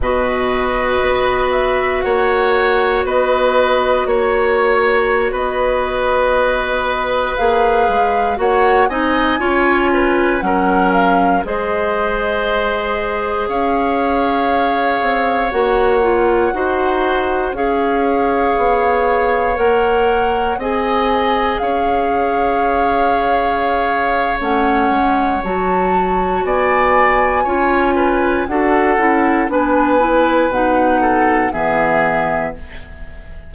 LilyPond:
<<
  \new Staff \with { instrumentName = "flute" } { \time 4/4 \tempo 4 = 59 dis''4. e''8 fis''4 dis''4 | cis''4~ cis''16 dis''2 f''8.~ | f''16 fis''8 gis''4. fis''8 f''8 dis''8.~ | dis''4~ dis''16 f''2 fis''8.~ |
fis''4~ fis''16 f''2 fis''8.~ | fis''16 gis''4 f''2~ f''8. | fis''4 a''4 gis''2 | fis''4 gis''4 fis''4 e''4 | }
  \new Staff \with { instrumentName = "oboe" } { \time 4/4 b'2 cis''4 b'4 | cis''4~ cis''16 b'2~ b'8.~ | b'16 cis''8 dis''8 cis''8 b'8 ais'4 c''8.~ | c''4~ c''16 cis''2~ cis''8.~ |
cis''16 c''4 cis''2~ cis''8.~ | cis''16 dis''4 cis''2~ cis''8.~ | cis''2 d''4 cis''8 b'8 | a'4 b'4. a'8 gis'4 | }
  \new Staff \with { instrumentName = "clarinet" } { \time 4/4 fis'1~ | fis'2.~ fis'16 gis'8.~ | gis'16 fis'8 dis'8 f'4 cis'4 gis'8.~ | gis'2.~ gis'16 fis'8 f'16~ |
f'16 fis'4 gis'2 ais'8.~ | ais'16 gis'2.~ gis'8. | cis'4 fis'2 f'4 | fis'8 e'8 d'8 e'8 dis'4 b4 | }
  \new Staff \with { instrumentName = "bassoon" } { \time 4/4 b,4 b4 ais4 b4 | ais4~ ais16 b2 ais8 gis16~ | gis16 ais8 c'8 cis'4 fis4 gis8.~ | gis4~ gis16 cis'4. c'8 ais8.~ |
ais16 dis'4 cis'4 b4 ais8.~ | ais16 c'4 cis'2~ cis'8. | a8 gis8 fis4 b4 cis'4 | d'8 cis'8 b4 b,4 e4 | }
>>